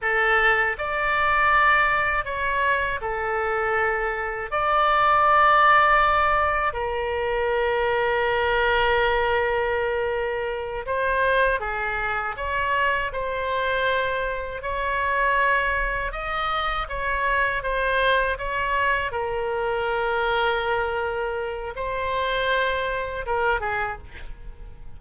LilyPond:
\new Staff \with { instrumentName = "oboe" } { \time 4/4 \tempo 4 = 80 a'4 d''2 cis''4 | a'2 d''2~ | d''4 ais'2.~ | ais'2~ ais'8 c''4 gis'8~ |
gis'8 cis''4 c''2 cis''8~ | cis''4. dis''4 cis''4 c''8~ | c''8 cis''4 ais'2~ ais'8~ | ais'4 c''2 ais'8 gis'8 | }